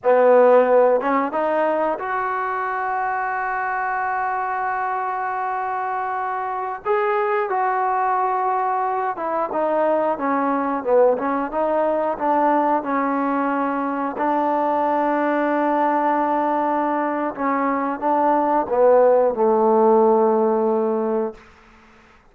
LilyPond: \new Staff \with { instrumentName = "trombone" } { \time 4/4 \tempo 4 = 90 b4. cis'8 dis'4 fis'4~ | fis'1~ | fis'2~ fis'16 gis'4 fis'8.~ | fis'4.~ fis'16 e'8 dis'4 cis'8.~ |
cis'16 b8 cis'8 dis'4 d'4 cis'8.~ | cis'4~ cis'16 d'2~ d'8.~ | d'2 cis'4 d'4 | b4 a2. | }